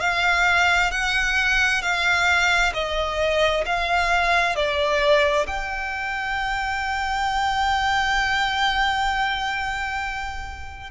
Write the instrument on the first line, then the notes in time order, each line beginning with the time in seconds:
violin
0.00 F5
0.91 F#5
1.81 F5
2.73 D#5
3.65 F5
4.55 D5
5.46 G5